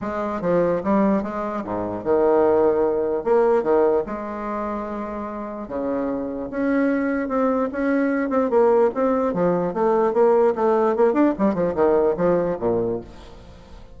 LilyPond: \new Staff \with { instrumentName = "bassoon" } { \time 4/4 \tempo 4 = 148 gis4 f4 g4 gis4 | gis,4 dis2. | ais4 dis4 gis2~ | gis2 cis2 |
cis'2 c'4 cis'4~ | cis'8 c'8 ais4 c'4 f4 | a4 ais4 a4 ais8 d'8 | g8 f8 dis4 f4 ais,4 | }